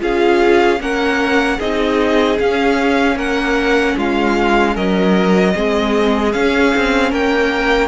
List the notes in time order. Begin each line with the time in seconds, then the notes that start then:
0.00 C#4 F4 G#4 F5
0.81 A#3 C#4 A#4 F#5
1.58 C4 D#4 G#4 D#5
2.38 C#4 F5
3.16 A#3 A#4 F#5
3.98 G#3 F4 F5
4.75 F#3 A#4 D#5
5.55 G#3 C4 G#4
6.33 C#4 F5
6.75 C4
7.11 A#3 A#4 G5